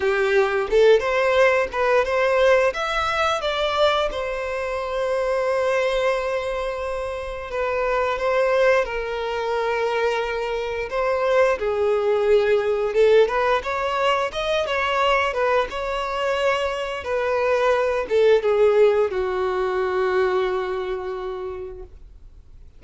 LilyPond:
\new Staff \with { instrumentName = "violin" } { \time 4/4 \tempo 4 = 88 g'4 a'8 c''4 b'8 c''4 | e''4 d''4 c''2~ | c''2. b'4 | c''4 ais'2. |
c''4 gis'2 a'8 b'8 | cis''4 dis''8 cis''4 b'8 cis''4~ | cis''4 b'4. a'8 gis'4 | fis'1 | }